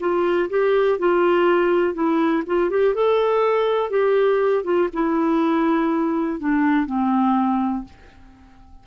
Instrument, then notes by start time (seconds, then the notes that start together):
clarinet
0.00 F4
0.50 G4
0.99 F4
1.94 E4
2.46 F4
2.70 G4
2.94 A4
3.90 G4
4.64 F4
4.93 E4
6.40 D4
6.86 C4